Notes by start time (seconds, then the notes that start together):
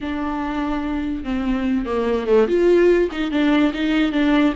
0.01 D4
1.24 C4
1.85 A#3
2.26 A3
2.47 F4
3.11 D#4
3.31 D4
3.73 D#4
4.12 D4